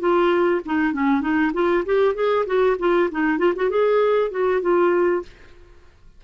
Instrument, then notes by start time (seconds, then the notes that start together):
clarinet
0.00 F4
0.65 D#4
0.93 C#4
1.21 D#4
1.54 F4
1.85 G4
2.15 G#4
2.46 F#4
2.79 F4
3.11 D#4
3.38 F4
3.56 F#4
3.70 G#4
4.31 F#4
4.61 F4